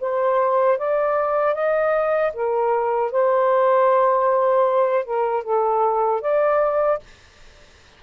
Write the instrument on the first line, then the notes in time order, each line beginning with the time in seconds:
saxophone
0.00 C5
0.78 D5
1.54 D#5
2.33 A#4
3.11 C5
5.04 A#4
5.43 A4
6.21 D5